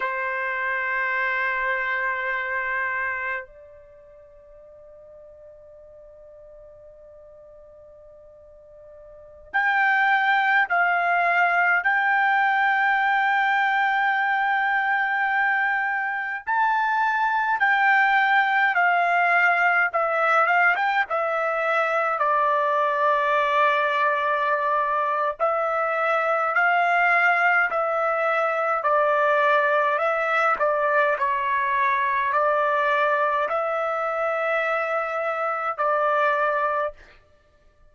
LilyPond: \new Staff \with { instrumentName = "trumpet" } { \time 4/4 \tempo 4 = 52 c''2. d''4~ | d''1~ | d''16 g''4 f''4 g''4.~ g''16~ | g''2~ g''16 a''4 g''8.~ |
g''16 f''4 e''8 f''16 g''16 e''4 d''8.~ | d''2 e''4 f''4 | e''4 d''4 e''8 d''8 cis''4 | d''4 e''2 d''4 | }